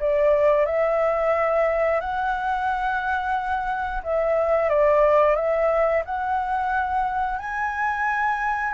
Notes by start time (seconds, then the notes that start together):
0.00 D5
0.66 E5
2.01 F#5
4.04 E5
4.70 D5
5.36 E5
6.06 F#5
7.39 G#5